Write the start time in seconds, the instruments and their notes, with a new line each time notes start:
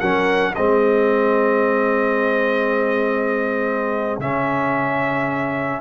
0.00 tuba F#3, trombone C#4, horn A#4, trumpet F#5
0.54 tuba G#3, trombone C4, horn G#4, trumpet D#5
4.18 tuba C#3, trombone C#4, trumpet E5